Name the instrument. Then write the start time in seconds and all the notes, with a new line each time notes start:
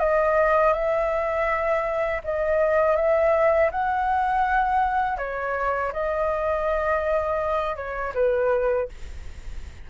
flute
0.00 D#5
0.74 E5
2.25 D#5
2.97 E5
3.72 F#5
5.18 C#5
5.93 D#5
7.76 C#5
8.15 B4